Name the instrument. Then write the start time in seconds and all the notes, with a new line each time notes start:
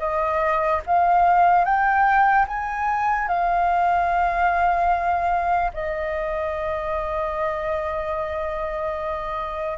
flute
0.00 D#5
0.87 F5
1.65 G5
2.48 G#5
3.28 F5
5.74 D#5